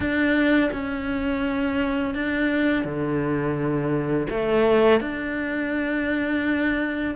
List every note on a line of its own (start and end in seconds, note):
0.00 0.70 D4
0.72 2.14 C#4
2.14 2.84 D4
2.84 4.27 D3
4.30 5.00 A3
5.00 7.14 D4